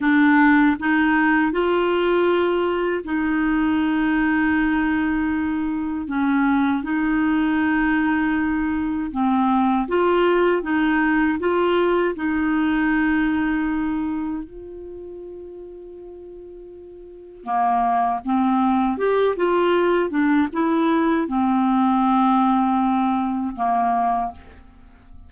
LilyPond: \new Staff \with { instrumentName = "clarinet" } { \time 4/4 \tempo 4 = 79 d'4 dis'4 f'2 | dis'1 | cis'4 dis'2. | c'4 f'4 dis'4 f'4 |
dis'2. f'4~ | f'2. ais4 | c'4 g'8 f'4 d'8 e'4 | c'2. ais4 | }